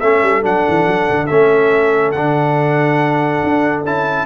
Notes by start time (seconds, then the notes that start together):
0.00 A3 C#4 A4 E5
0.23 G3
0.42 F#3 D4 F#5
0.68 E3
0.87 F#3
1.10 D3
1.26 A3 C#4 E5
2.12 D3 D4 F#5
3.43 D4
3.84 C#4 E4 A5